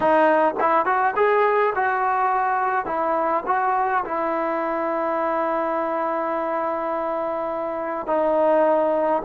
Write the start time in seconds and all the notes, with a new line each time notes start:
0.00 D#4
0.60 E4
0.85 F#4
1.15 G#4
1.75 F#4
2.85 E4
3.46 F#4
4.05 E4
8.06 D#4